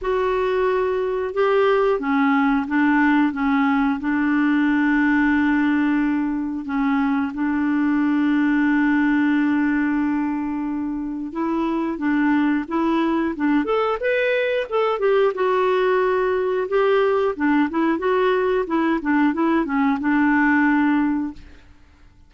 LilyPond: \new Staff \with { instrumentName = "clarinet" } { \time 4/4 \tempo 4 = 90 fis'2 g'4 cis'4 | d'4 cis'4 d'2~ | d'2 cis'4 d'4~ | d'1~ |
d'4 e'4 d'4 e'4 | d'8 a'8 b'4 a'8 g'8 fis'4~ | fis'4 g'4 d'8 e'8 fis'4 | e'8 d'8 e'8 cis'8 d'2 | }